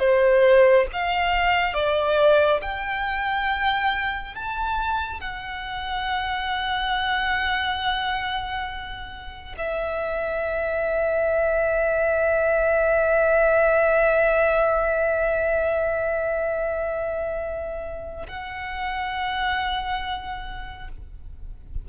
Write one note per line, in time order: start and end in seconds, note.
0.00 0.87 C5
0.93 1.74 F5
1.74 2.61 D5
2.62 4.36 G5
4.36 5.21 A5
5.21 9.56 F#5
9.58 18.27 E5
18.28 20.89 F#5